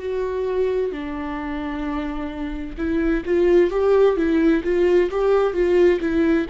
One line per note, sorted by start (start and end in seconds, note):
0.00 0.92 F#4
0.92 2.77 D4
2.78 3.24 E4
3.26 3.71 F4
3.71 4.17 G4
4.17 4.63 E4
4.64 5.10 F4
5.11 5.53 G4
5.53 6.00 F4
6.01 6.47 E4